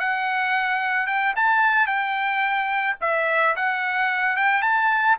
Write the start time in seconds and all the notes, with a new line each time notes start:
0.00 F#5
1.07 G5
1.36 A5
1.87 G5
3.01 E5
3.56 F#5
4.37 G5
4.62 A5